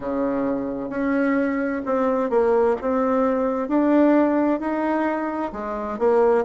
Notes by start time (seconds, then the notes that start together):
0.00 C#3
0.89 C#4
1.85 C4
2.30 A#3
2.81 C4
3.68 D4
4.59 D#4
5.52 G#3
5.98 A#3